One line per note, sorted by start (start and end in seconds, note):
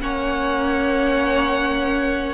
0.00 2.34 A#3
0.00 2.34 C#4
0.00 2.34 C#5
0.00 2.34 F#5